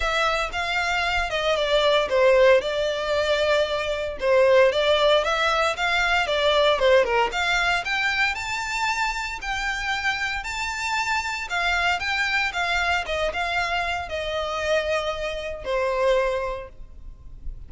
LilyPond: \new Staff \with { instrumentName = "violin" } { \time 4/4 \tempo 4 = 115 e''4 f''4. dis''8 d''4 | c''4 d''2. | c''4 d''4 e''4 f''4 | d''4 c''8 ais'8 f''4 g''4 |
a''2 g''2 | a''2 f''4 g''4 | f''4 dis''8 f''4. dis''4~ | dis''2 c''2 | }